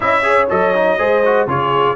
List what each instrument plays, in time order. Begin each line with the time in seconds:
0.00 tuba C#4, trombone E4, horn D#5, trumpet E5
0.22 trombone G#4, horn C#5
0.49 tuba F#3, trombone A4, trumpet D#5
0.74 trombone D#4
0.98 tuba G#3, trombone G#4, horn C5
1.25 trombone F#4
1.46 tuba C#3, trombone F4, horn G#4, trumpet C#5